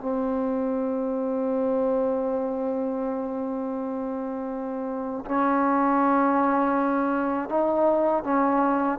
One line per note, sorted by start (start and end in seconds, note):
0.00 5.25 C4
5.25 7.50 C#4
7.50 8.24 D#4
8.24 8.99 C#4